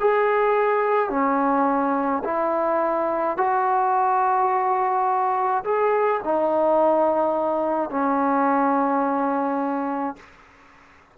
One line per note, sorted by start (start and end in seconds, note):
0.00 1.10 G#4
1.10 2.23 C#4
2.24 3.38 E4
3.38 5.64 F#4
5.64 6.21 G#4
6.24 7.90 D#4
7.90 10.17 C#4